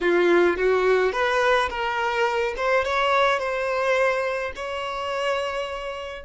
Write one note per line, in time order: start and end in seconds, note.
0.01 0.56 F4
0.56 1.12 F#4
1.12 1.69 B4
1.69 2.54 A#4
2.56 2.84 C5
2.84 3.39 C#5
3.39 4.52 C5
4.55 6.24 C#5